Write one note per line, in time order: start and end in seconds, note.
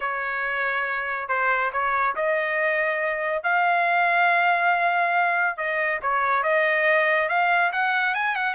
0.00 1.28 C#5
1.28 1.71 C5
1.72 2.15 C#5
2.15 3.43 D#5
3.43 5.57 F5
5.57 6.00 D#5
6.01 6.43 C#5
6.43 7.28 D#5
7.28 7.71 F5
7.72 8.14 F#5
8.14 8.35 G#5
8.35 8.54 F#5